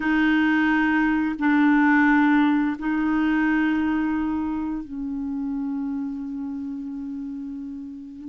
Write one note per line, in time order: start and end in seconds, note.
0.00 1.35 D#4
1.38 2.76 D4
2.78 4.83 D#4
4.83 8.28 C#4